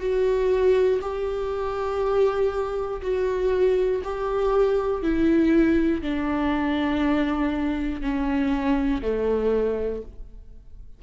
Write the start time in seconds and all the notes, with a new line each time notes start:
0.00 F#4
1.01 G4
3.01 F#4
4.04 G4
5.03 E4
6.02 D4
8.01 C#4
9.02 A3